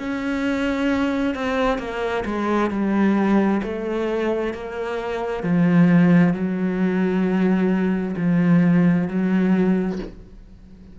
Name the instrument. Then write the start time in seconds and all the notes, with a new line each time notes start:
cello
0.00 C#4
1.35 C4
1.79 A#3
2.26 G#3
2.71 G3
3.63 A3
4.54 A#3
5.43 F3
6.34 F#3
8.17 F3
9.08 F#3